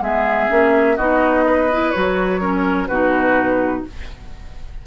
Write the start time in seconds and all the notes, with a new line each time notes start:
0.00 G#3 B3 G#4 E5
0.49 A#3 C#4
0.96 B3 D#4 F#4 D#5
1.46 B4
1.72 E4
1.91 F#3 F#4 C#5
2.40 C#4 A#4
2.87 B2 D#4 F#4 B4